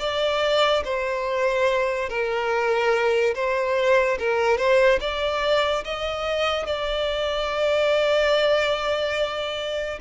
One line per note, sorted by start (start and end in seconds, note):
0.00 0.83 D5
0.85 2.10 C5
2.10 3.35 A#4
3.35 4.19 C5
4.19 4.58 A#4
4.58 5.00 C5
5.01 5.84 D5
5.85 6.66 D#5
6.66 10.00 D5